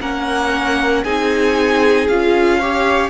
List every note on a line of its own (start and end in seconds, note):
0.00 1.03 A#3
0.00 1.05 C#4
0.00 1.04 A#4
0.00 1.04 F#5
1.04 2.08 C4
1.04 2.08 D#4
1.04 2.59 G#4
1.04 2.07 G#5
2.08 3.09 C#4
2.08 2.61 F4
2.08 3.09 F5
2.59 3.09 G4
2.59 3.09 C#5